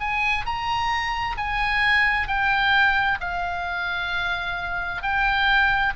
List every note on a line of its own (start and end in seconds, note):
0.00 0.45 G#5
0.45 1.36 A#5
1.37 2.28 G#5
2.28 3.19 G5
3.21 5.02 F5
5.02 5.93 G5